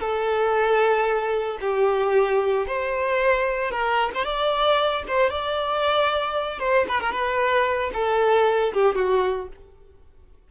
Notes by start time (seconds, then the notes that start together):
0.00 A4
1.61 G4
2.67 C5
3.71 A#4
4.14 C5
4.24 D5
5.07 C5
5.30 D5
6.59 C5
6.88 B4
7.00 A#4
7.11 B4
7.93 A4
8.73 G4
8.95 F#4